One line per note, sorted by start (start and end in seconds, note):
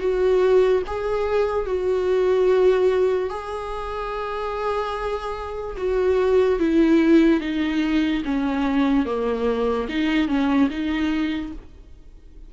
0.00 0.82 F#4
0.87 1.66 G#4
1.66 3.30 F#4
3.30 5.76 G#4
5.77 6.59 F#4
6.59 7.40 E4
7.40 8.23 D#4
8.25 9.06 C#4
9.06 9.88 A#3
9.89 10.28 D#4
10.28 10.69 C#4
10.70 11.52 D#4